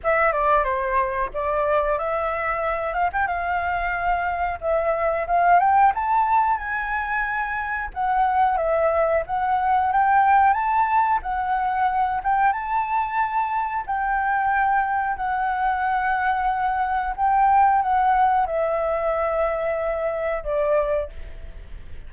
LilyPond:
\new Staff \with { instrumentName = "flute" } { \time 4/4 \tempo 4 = 91 e''8 d''8 c''4 d''4 e''4~ | e''8 f''16 g''16 f''2 e''4 | f''8 g''8 a''4 gis''2 | fis''4 e''4 fis''4 g''4 |
a''4 fis''4. g''8 a''4~ | a''4 g''2 fis''4~ | fis''2 g''4 fis''4 | e''2. d''4 | }